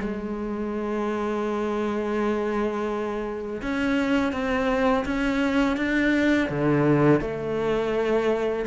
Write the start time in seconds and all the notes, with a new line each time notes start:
0.00 G#3
3.62 C#4
4.33 C4
5.05 C#4
5.77 D4
6.49 D3
7.21 A3